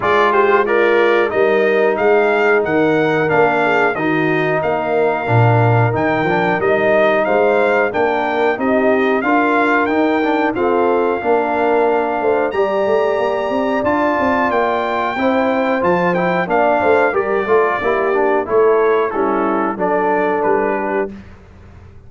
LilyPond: <<
  \new Staff \with { instrumentName = "trumpet" } { \time 4/4 \tempo 4 = 91 d''8 c''8 d''4 dis''4 f''4 | fis''4 f''4 dis''4 f''4~ | f''4 g''4 dis''4 f''4 | g''4 dis''4 f''4 g''4 |
f''2. ais''4~ | ais''4 a''4 g''2 | a''8 g''8 f''4 d''2 | cis''4 a'4 d''4 b'4 | }
  \new Staff \with { instrumentName = "horn" } { \time 4/4 gis'8 g'8 f'4 ais'4 gis'4 | ais'4. gis'8 fis'4 ais'4~ | ais'2. c''4 | ais'4 g'4 ais'2 |
a'4 ais'4. c''8 d''4~ | d''2. c''4~ | c''4 d''8 c''8 ais'8 a'8 g'4 | a'4 e'4 a'4. g'8 | }
  \new Staff \with { instrumentName = "trombone" } { \time 4/4 f'4 ais'4 dis'2~ | dis'4 d'4 dis'2 | d'4 dis'8 d'8 dis'2 | d'4 dis'4 f'4 dis'8 d'8 |
c'4 d'2 g'4~ | g'4 f'2 e'4 | f'8 e'8 d'4 g'8 f'8 e'8 d'8 | e'4 cis'4 d'2 | }
  \new Staff \with { instrumentName = "tuba" } { \time 4/4 gis2 g4 gis4 | dis4 ais4 dis4 ais4 | ais,4 dis8 f8 g4 gis4 | ais4 c'4 d'4 dis'4 |
f'4 ais4. a8 g8 a8 | ais8 c'8 d'8 c'8 ais4 c'4 | f4 ais8 a8 g8 a8 ais4 | a4 g4 fis4 g4 | }
>>